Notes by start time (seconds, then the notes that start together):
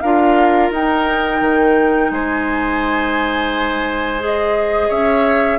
0.00 D4 F4 A#4 F5
0.70 D#4 G5
1.40 D#3
2.10 G#3 C5 G#5
4.19 G#4 D#5
4.88 C#4 C#5 E5